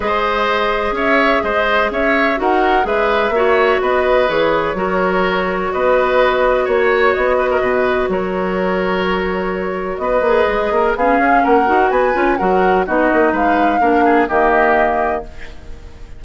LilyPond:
<<
  \new Staff \with { instrumentName = "flute" } { \time 4/4 \tempo 4 = 126 dis''2 e''4 dis''4 | e''4 fis''4 e''2 | dis''4 cis''2. | dis''2 cis''4 dis''4~ |
dis''4 cis''2.~ | cis''4 dis''2 f''4 | fis''4 gis''4 fis''4 dis''4 | f''2 dis''2 | }
  \new Staff \with { instrumentName = "oboe" } { \time 4/4 c''2 cis''4 c''4 | cis''4 ais'4 b'4 cis''4 | b'2 ais'2 | b'2 cis''4. b'16 ais'16 |
b'4 ais'2.~ | ais'4 b'4. ais'8 gis'4 | ais'4 b'4 ais'4 fis'4 | b'4 ais'8 gis'8 g'2 | }
  \new Staff \with { instrumentName = "clarinet" } { \time 4/4 gis'1~ | gis'4 fis'4 gis'4 fis'4~ | fis'4 gis'4 fis'2~ | fis'1~ |
fis'1~ | fis'4. gis'4. cis'4~ | cis'8 fis'4 f'8 fis'4 dis'4~ | dis'4 d'4 ais2 | }
  \new Staff \with { instrumentName = "bassoon" } { \time 4/4 gis2 cis'4 gis4 | cis'4 dis'4 gis4 ais4 | b4 e4 fis2 | b2 ais4 b4 |
b,4 fis2.~ | fis4 b8 ais8 gis8 ais8 b8 cis'8 | ais8 dis'8 b8 cis'8 fis4 b8 ais8 | gis4 ais4 dis2 | }
>>